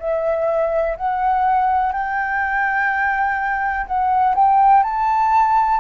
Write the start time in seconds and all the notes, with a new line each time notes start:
0.00 E5
0.97 F#5
1.93 G5
3.87 F#5
4.36 G5
4.83 A5